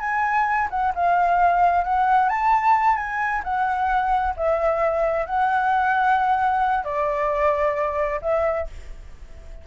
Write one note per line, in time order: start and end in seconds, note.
0.00 0.68 G#5
0.70 0.93 F#5
0.95 1.84 F5
1.84 2.29 F#5
2.29 2.97 A5
2.97 3.42 G#5
3.44 4.35 F#5
4.37 5.26 E5
5.26 6.84 F#5
6.84 8.20 D5
8.22 8.67 E5